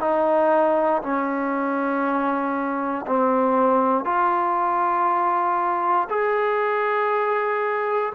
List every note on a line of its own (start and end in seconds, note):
0.00 1.02 D#4
1.02 3.06 C#4
3.07 4.04 C4
4.04 6.08 F4
6.09 8.13 G#4